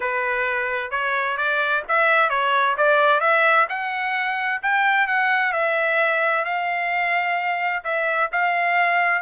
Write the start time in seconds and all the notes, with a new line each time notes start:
0.00 B4
0.91 C#5
1.37 D5
1.88 E5
2.29 C#5
2.77 D5
3.20 E5
3.69 F#5
4.62 G5
5.07 F#5
5.52 E5
6.44 F5
7.83 E5
8.32 F5